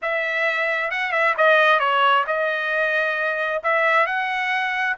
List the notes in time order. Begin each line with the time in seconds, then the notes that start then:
0.01 E5
0.90 F#5
1.12 E5
1.37 D#5
1.79 C#5
2.27 D#5
3.63 E5
4.06 F#5